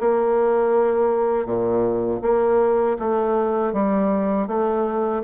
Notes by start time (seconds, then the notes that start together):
0.00 A#3
1.46 A#2
2.22 A#3
2.99 A3
3.73 G3
4.48 A3